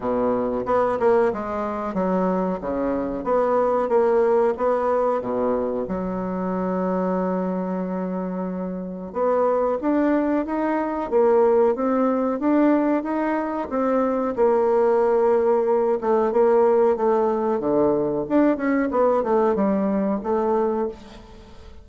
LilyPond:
\new Staff \with { instrumentName = "bassoon" } { \time 4/4 \tempo 4 = 92 b,4 b8 ais8 gis4 fis4 | cis4 b4 ais4 b4 | b,4 fis2.~ | fis2 b4 d'4 |
dis'4 ais4 c'4 d'4 | dis'4 c'4 ais2~ | ais8 a8 ais4 a4 d4 | d'8 cis'8 b8 a8 g4 a4 | }